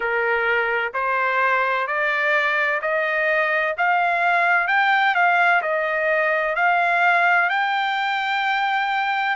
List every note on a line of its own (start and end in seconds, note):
0.00 0.92 A#4
0.93 1.87 C5
1.87 2.80 D5
2.81 3.75 D#5
3.77 4.67 F5
4.67 5.14 G5
5.14 5.61 F5
5.62 6.55 D#5
6.55 7.49 F5
7.49 9.36 G5